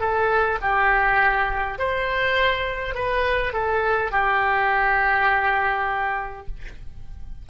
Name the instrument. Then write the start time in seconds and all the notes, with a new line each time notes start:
oboe
0.00 A4
0.61 G4
1.79 C5
2.95 B4
3.53 A4
4.12 G4